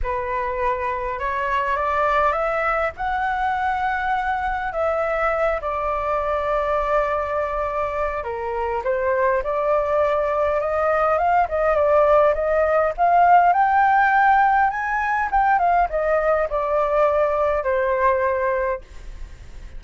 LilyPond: \new Staff \with { instrumentName = "flute" } { \time 4/4 \tempo 4 = 102 b'2 cis''4 d''4 | e''4 fis''2. | e''4. d''2~ d''8~ | d''2 ais'4 c''4 |
d''2 dis''4 f''8 dis''8 | d''4 dis''4 f''4 g''4~ | g''4 gis''4 g''8 f''8 dis''4 | d''2 c''2 | }